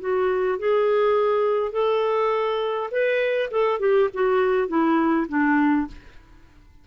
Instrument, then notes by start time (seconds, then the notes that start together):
clarinet
0.00 F#4
0.59 G#4
1.72 A4
2.91 B4
3.51 A4
3.79 G4
4.14 F#4
4.68 E4
5.28 D4